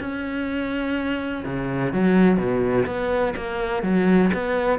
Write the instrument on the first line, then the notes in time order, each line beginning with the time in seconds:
cello
0.00 C#4
1.45 C#3
1.93 F#3
2.37 B2
2.86 B3
3.36 A#3
3.83 F#3
4.34 B3